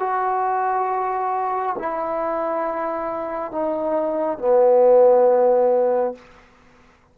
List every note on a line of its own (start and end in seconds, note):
0.00 1.76 F#4
1.79 3.52 E4
3.52 4.39 D#4
4.39 6.15 B3